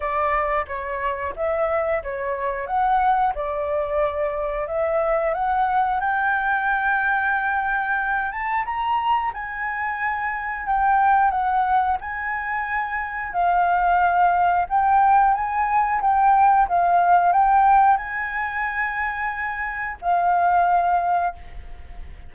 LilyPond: \new Staff \with { instrumentName = "flute" } { \time 4/4 \tempo 4 = 90 d''4 cis''4 e''4 cis''4 | fis''4 d''2 e''4 | fis''4 g''2.~ | g''8 a''8 ais''4 gis''2 |
g''4 fis''4 gis''2 | f''2 g''4 gis''4 | g''4 f''4 g''4 gis''4~ | gis''2 f''2 | }